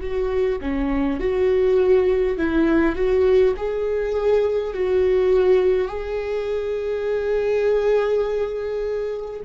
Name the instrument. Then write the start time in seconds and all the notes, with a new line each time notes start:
viola
0.00 F#4
0.60 C#4
1.19 F#4
2.37 E4
2.95 F#4
3.56 G#4
4.73 F#4
5.88 G#4